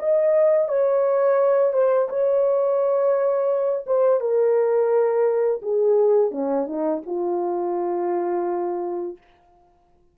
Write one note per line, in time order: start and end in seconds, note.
0.00 0.69 D#5
0.69 1.74 C#5
1.74 2.09 C5
2.10 3.86 C#5
3.87 4.21 C5
4.21 5.62 A#4
5.62 6.32 G#4
6.32 6.67 C#4
6.67 7.02 D#4
7.06 9.18 F4